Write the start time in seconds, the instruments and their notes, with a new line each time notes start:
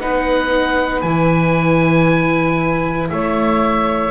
0.00 double bass B3, viola D#4, saxophone B4, oboe F#5
1.02 double bass E3, viola E4, oboe G#5
3.11 double bass A3, saxophone C#5, oboe E5